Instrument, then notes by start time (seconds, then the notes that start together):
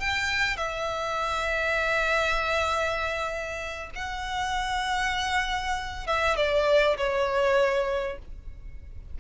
violin
0.00 G5
0.57 E5
3.95 F#5
6.07 E5
6.36 D5
6.97 C#5